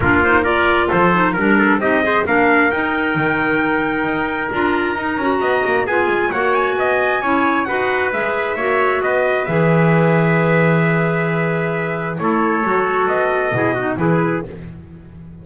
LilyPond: <<
  \new Staff \with { instrumentName = "trumpet" } { \time 4/4 \tempo 4 = 133 ais'8 c''8 d''4 c''4 ais'4 | dis''4 f''4 g''2~ | g''2 ais''2~ | ais''4 gis''4 fis''8 gis''4.~ |
gis''4 fis''4 e''2 | dis''4 e''2.~ | e''2. cis''4~ | cis''4 dis''2 b'4 | }
  \new Staff \with { instrumentName = "trumpet" } { \time 4/4 f'4 ais'4 a'4 ais'8 a'8 | g'8 c''8 ais'2.~ | ais'1 | dis''4 gis'4 cis''4 dis''4 |
cis''4 b'2 cis''4 | b'1~ | b'2. a'4~ | a'2 gis'8 fis'8 gis'4 | }
  \new Staff \with { instrumentName = "clarinet" } { \time 4/4 d'8 dis'8 f'4. dis'8 d'4 | dis'8 gis'8 d'4 dis'2~ | dis'2 f'4 dis'8 fis'8~ | fis'4 f'4 fis'2 |
e'4 fis'4 gis'4 fis'4~ | fis'4 gis'2.~ | gis'2. e'4 | fis'2 e'8 dis'8 e'4 | }
  \new Staff \with { instrumentName = "double bass" } { \time 4/4 ais2 f4 g4 | c'4 ais4 dis'4 dis4~ | dis4 dis'4 d'4 dis'8 cis'8 | b8 ais8 b8 gis8 ais4 b4 |
cis'4 dis'4 gis4 ais4 | b4 e2.~ | e2. a4 | fis4 b4 b,4 e4 | }
>>